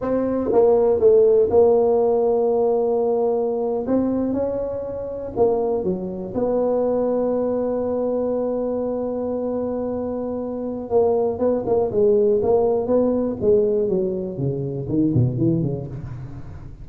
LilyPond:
\new Staff \with { instrumentName = "tuba" } { \time 4/4 \tempo 4 = 121 c'4 ais4 a4 ais4~ | ais2.~ ais8. c'16~ | c'8. cis'2 ais4 fis16~ | fis8. b2.~ b16~ |
b1~ | b2 ais4 b8 ais8 | gis4 ais4 b4 gis4 | fis4 cis4 dis8 b,8 e8 cis8 | }